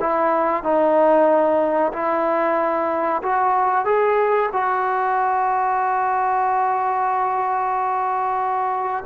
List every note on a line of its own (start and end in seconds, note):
0.00 0.63 E4
0.63 1.92 D#4
1.93 3.22 E4
3.23 3.85 F#4
3.85 4.50 G#4
4.52 9.04 F#4